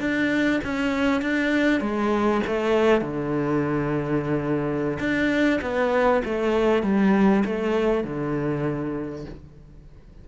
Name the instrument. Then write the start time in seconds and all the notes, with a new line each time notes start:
cello
0.00 D4
0.64 C#4
1.22 D4
1.81 G#3
2.47 A3
3.01 D3
5.00 D4
5.62 B3
6.25 A3
6.83 G3
7.45 A3
8.04 D3